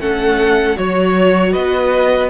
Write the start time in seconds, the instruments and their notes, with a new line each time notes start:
0.00 cello A3, viola C#4, violin A4 F#5
0.76 cello F#3, viola F#4, violin C#5
1.53 cello B3, violin B4 D#5